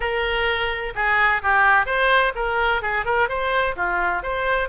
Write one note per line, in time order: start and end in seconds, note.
0.00 0.93 A#4
0.95 1.42 G#4
1.42 1.85 G4
1.85 2.32 C5
2.35 2.81 A#4
2.82 3.05 G#4
3.05 3.28 A#4
3.29 3.75 C5
3.75 4.22 F4
4.22 4.69 C5